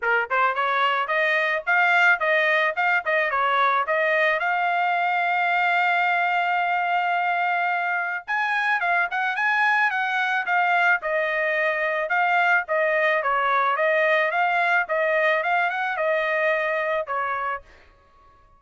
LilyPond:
\new Staff \with { instrumentName = "trumpet" } { \time 4/4 \tempo 4 = 109 ais'8 c''8 cis''4 dis''4 f''4 | dis''4 f''8 dis''8 cis''4 dis''4 | f''1~ | f''2. gis''4 |
f''8 fis''8 gis''4 fis''4 f''4 | dis''2 f''4 dis''4 | cis''4 dis''4 f''4 dis''4 | f''8 fis''8 dis''2 cis''4 | }